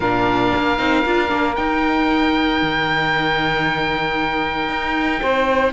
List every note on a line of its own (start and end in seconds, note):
0.00 0.52 A#2
0.00 0.77 D4
0.00 5.20 A#4
0.00 1.55 F5
0.55 0.78 A#3
0.77 1.04 C4
0.77 1.04 D#4
1.05 1.31 D4
1.05 1.27 F4
1.27 1.57 A#3
1.27 1.53 D4
1.55 2.62 D#4
1.55 5.72 D#4
1.55 5.72 G5
2.62 4.69 D#3
4.69 5.21 D#4
5.21 5.72 C4
5.21 5.72 C5